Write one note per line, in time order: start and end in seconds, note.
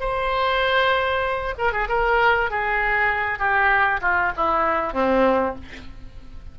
0.00 1.55 C5
1.58 1.72 A#4
1.72 1.88 G#4
1.88 2.50 A#4
2.51 3.39 G#4
3.39 4.01 G4
4.01 4.32 F4
4.36 4.93 E4
4.93 5.55 C4